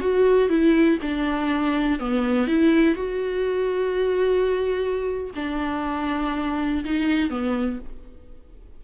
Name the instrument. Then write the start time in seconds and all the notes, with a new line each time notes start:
viola
0.00 F#4
0.48 E4
1.02 D4
1.99 B3
2.47 E4
2.95 F#4
5.35 D4
6.85 D#4
7.29 B3